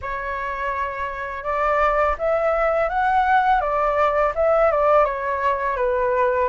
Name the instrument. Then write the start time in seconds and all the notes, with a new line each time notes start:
flute
0.01 C#5
1.43 D5
2.18 E5
2.89 F#5
3.60 D5
4.35 E5
4.71 D5
5.04 C#5
5.76 B4